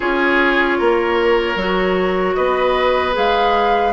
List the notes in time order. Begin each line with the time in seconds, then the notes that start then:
0.00 C#4 F4 G#4 C#5
0.78 A#3 A#4
1.55 F#3 F#4
2.34 B3 B4 D#5
3.12 G#3 G#4 F5